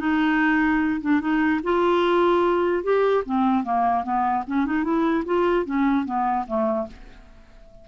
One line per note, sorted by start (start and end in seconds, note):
0.00 1.01 D#4
1.01 1.20 D4
1.20 1.61 D#4
1.63 2.84 F4
2.84 3.24 G4
3.26 3.64 C4
3.64 4.04 A#3
4.04 4.44 B3
4.47 4.66 C#4
4.66 4.84 D#4
4.84 5.24 E4
5.25 5.65 F4
5.65 6.05 C#4
6.05 6.46 B3
6.47 6.87 A3